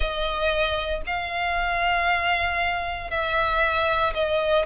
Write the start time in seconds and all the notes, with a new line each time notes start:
0.00 D#5
1.06 F5
3.10 E5
4.14 D#5